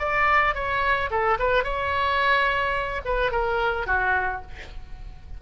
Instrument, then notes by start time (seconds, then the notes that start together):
oboe
0.00 D5
0.55 C#5
1.11 A4
1.40 B4
1.64 C#5
3.06 B4
3.32 A#4
3.87 F#4